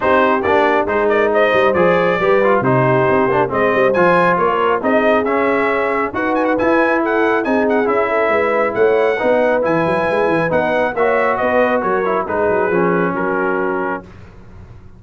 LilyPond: <<
  \new Staff \with { instrumentName = "trumpet" } { \time 4/4 \tempo 4 = 137 c''4 d''4 c''8 d''8 dis''4 | d''2 c''2 | dis''4 gis''4 cis''4 dis''4 | e''2 fis''8 gis''16 fis''16 gis''4 |
fis''4 gis''8 fis''8 e''2 | fis''2 gis''2 | fis''4 e''4 dis''4 cis''4 | b'2 ais'2 | }
  \new Staff \with { instrumentName = "horn" } { \time 4/4 g'2 gis'8 ais'8 c''4~ | c''4 b'4 g'2 | c''2 ais'4 gis'4~ | gis'2 b'2 |
a'4 gis'4. a'8 b'4 | cis''4 b'2.~ | b'4 cis''4 b'4 ais'4 | gis'2 fis'2 | }
  \new Staff \with { instrumentName = "trombone" } { \time 4/4 dis'4 d'4 dis'2 | gis'4 g'8 f'8 dis'4. d'8 | c'4 f'2 dis'4 | cis'2 fis'4 e'4~ |
e'4 dis'4 e'2~ | e'4 dis'4 e'2 | dis'4 fis'2~ fis'8 e'8 | dis'4 cis'2. | }
  \new Staff \with { instrumentName = "tuba" } { \time 4/4 c'4 ais4 gis4. g8 | f4 g4 c4 c'8 ais8 | gis8 g8 f4 ais4 c'4 | cis'2 dis'4 e'4~ |
e'4 c'4 cis'4 gis4 | a4 b4 e8 fis8 gis8 e8 | b4 ais4 b4 fis4 | gis8 fis8 f4 fis2 | }
>>